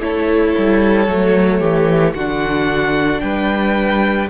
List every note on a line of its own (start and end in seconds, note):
0.00 0.54 A3
0.00 1.08 E4
0.00 1.60 A4
0.00 2.14 C#5
0.58 1.08 G3
1.08 1.61 F#3
1.08 2.16 A3
1.60 2.15 E3
1.60 2.14 G4
2.14 3.22 D3
2.14 4.30 D4
2.14 3.23 F#4
2.14 3.21 F#5
3.21 4.30 G3
3.21 4.30 B4
3.21 4.28 G5